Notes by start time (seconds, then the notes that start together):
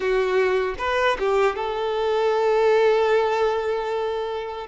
0.00 F#4
0.78 B4
1.19 G4
1.55 A4